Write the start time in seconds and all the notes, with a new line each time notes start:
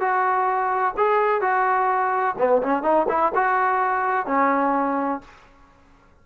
0.00 F#4
0.97 G#4
1.41 F#4
2.38 B3
2.62 C#4
2.83 D#4
3.09 E4
3.35 F#4
4.26 C#4